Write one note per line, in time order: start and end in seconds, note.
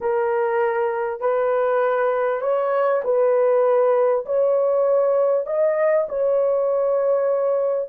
0.00 1.20 A#4
1.20 2.41 B4
2.41 3.01 C#5
3.04 4.25 B4
4.25 5.46 C#5
5.46 6.07 D#5
6.08 7.89 C#5